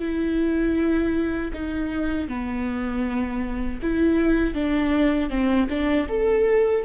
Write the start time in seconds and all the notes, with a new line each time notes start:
0.00 E4
1.54 D#4
2.29 B3
3.83 E4
4.55 D4
5.30 C4
5.70 D4
6.09 A4